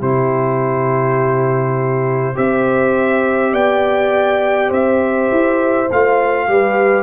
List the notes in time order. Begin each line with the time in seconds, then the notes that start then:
0.00 C3 E4 G4 C5
2.35 C4 G4 C5 E5
3.53 B3 D5 G5
4.69 C4 C5 E5
5.31 E4
5.90 A3 F4 F5
6.49 G3 G4 B4